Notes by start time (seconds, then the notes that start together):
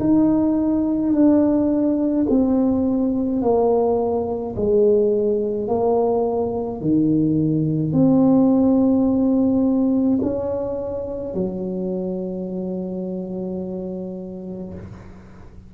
0.00 D#4
1.13 D4
2.30 C4
3.42 A#3
4.56 G#3
5.68 A#3
6.81 D#3
7.92 C4
10.22 C#4
11.35 F#3